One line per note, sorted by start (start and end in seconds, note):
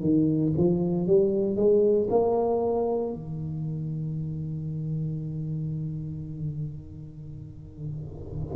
0.00 0.52 D#3
0.57 1.07 F3
1.07 1.56 G3
1.56 2.08 G#3
2.10 3.13 A#3
3.13 8.55 D#3